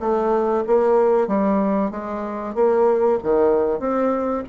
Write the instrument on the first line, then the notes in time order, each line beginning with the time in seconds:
bassoon
0.00 A3
0.67 A#3
1.28 G3
1.91 G#3
2.55 A#3
3.23 D#3
3.79 C4